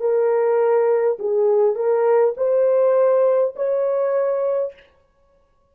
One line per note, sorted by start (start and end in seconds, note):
0.00 1.18 A#4
1.19 1.75 G#4
1.75 2.34 A#4
2.37 3.55 C5
3.56 4.73 C#5